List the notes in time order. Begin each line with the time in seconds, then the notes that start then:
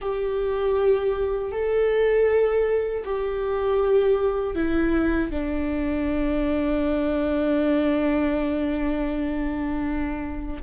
0.01 G4
1.51 A4
3.04 G4
4.55 E4
5.31 D4